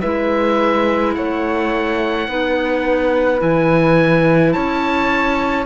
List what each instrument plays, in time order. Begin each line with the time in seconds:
0.00 cello G#3, clarinet E4, flute B4, oboe E5
1.14 cello A3, flute C#5, oboe F#5
2.28 cello B3, clarinet D#4, flute B4
3.38 cello E3, clarinet E4, oboe G#5
4.52 cello C#4, flute C#5, oboe A5